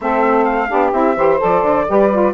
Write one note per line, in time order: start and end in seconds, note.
0.01 0.71 A3
0.01 0.68 C4
0.01 0.69 A4
0.01 0.44 E5
0.44 0.91 F5
0.68 0.92 B3
0.68 0.92 D4
0.68 1.15 G4
0.92 1.16 C4
0.92 1.16 E4
0.92 1.39 E5
1.16 1.40 E3
1.16 1.38 G4
1.16 1.86 C5
1.38 1.62 F3
1.38 1.85 A4
1.38 2.34 D5
1.62 1.86 D3
1.87 2.34 G3
1.87 2.11 G4
1.87 2.34 B4
2.11 2.34 F4